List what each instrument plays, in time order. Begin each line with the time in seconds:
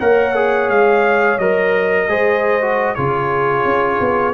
0.00 tuba A#3, trombone A#4, horn C#5, trumpet F#5
0.35 trombone G#4
0.70 tuba G#3, trumpet F5
1.39 tuba F#3, trombone A#4, trumpet D#5
2.08 tuba G#3, trombone G#4, horn C5
2.62 trombone F#4
2.95 tuba C#3, trombone F4, horn G#4, trumpet C#5
3.65 tuba C#4
4.01 tuba B3